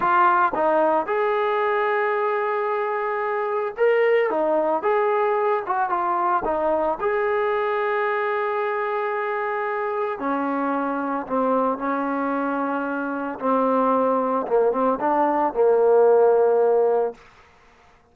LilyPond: \new Staff \with { instrumentName = "trombone" } { \time 4/4 \tempo 4 = 112 f'4 dis'4 gis'2~ | gis'2. ais'4 | dis'4 gis'4. fis'8 f'4 | dis'4 gis'2.~ |
gis'2. cis'4~ | cis'4 c'4 cis'2~ | cis'4 c'2 ais8 c'8 | d'4 ais2. | }